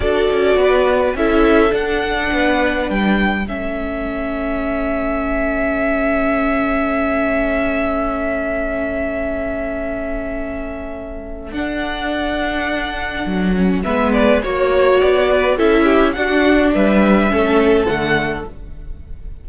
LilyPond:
<<
  \new Staff \with { instrumentName = "violin" } { \time 4/4 \tempo 4 = 104 d''2 e''4 fis''4~ | fis''4 g''4 e''2~ | e''1~ | e''1~ |
e''1 | fis''1 | e''8 d''8 cis''4 d''4 e''4 | fis''4 e''2 fis''4 | }
  \new Staff \with { instrumentName = "violin" } { \time 4/4 a'4 b'4 a'2 | b'2 a'2~ | a'1~ | a'1~ |
a'1~ | a'1 | b'4 cis''4. b'8 a'8 g'8 | fis'4 b'4 a'2 | }
  \new Staff \with { instrumentName = "viola" } { \time 4/4 fis'2 e'4 d'4~ | d'2 cis'2~ | cis'1~ | cis'1~ |
cis'1 | d'2.~ d'8 cis'8 | b4 fis'2 e'4 | d'2 cis'4 a4 | }
  \new Staff \with { instrumentName = "cello" } { \time 4/4 d'8 cis'8 b4 cis'4 d'4 | b4 g4 a2~ | a1~ | a1~ |
a1 | d'2. fis4 | gis4 ais4 b4 cis'4 | d'4 g4 a4 d4 | }
>>